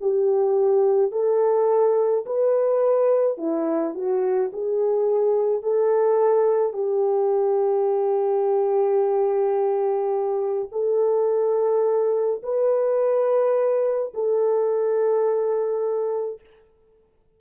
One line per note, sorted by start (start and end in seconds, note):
0.00 1.11 G4
1.11 2.24 A4
2.26 3.38 B4
3.38 3.94 E4
3.94 4.51 F#4
4.53 5.62 G#4
5.62 6.73 A4
6.73 10.69 G4
10.71 12.41 A4
12.43 14.13 B4
14.14 16.40 A4